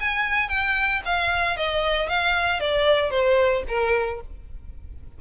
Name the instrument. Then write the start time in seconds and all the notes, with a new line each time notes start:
violin
0.00 G#5
0.49 G5
1.05 F5
1.57 D#5
2.09 F5
2.60 D5
3.11 C5
3.68 A#4